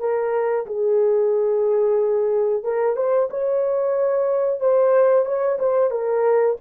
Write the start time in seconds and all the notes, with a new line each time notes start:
0.00 A#4
0.67 G#4
2.64 A#4
2.96 C5
3.30 C#5
4.60 C5
5.26 C#5
5.60 C5
5.91 A#4